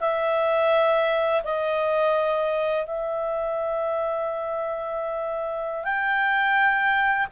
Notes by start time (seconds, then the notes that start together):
0.00 E5
1.44 D#5
2.86 E5
5.84 G5